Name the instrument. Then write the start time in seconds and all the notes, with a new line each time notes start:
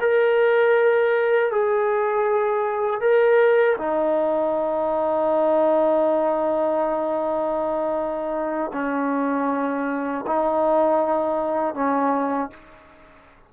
trombone
0.00 A#4
1.51 G#4
3.00 A#4
3.77 D#4
8.73 C#4
10.26 D#4
11.74 C#4